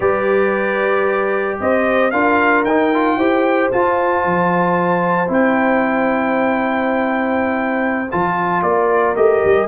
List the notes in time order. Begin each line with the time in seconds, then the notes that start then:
0.00 G3 G4 B4 D5
1.59 C4 C5 D#5
2.10 D4 F4 A#4 F5
2.64 D#4 G5
2.93 F4
3.16 E4 G4 C5
3.71 F4 A5
4.24 F3
5.27 C4 E4 G5
8.11 F3 F4 A5
8.62 A#3 A#4 D5
9.15 A3 G4 D#5
9.44 G3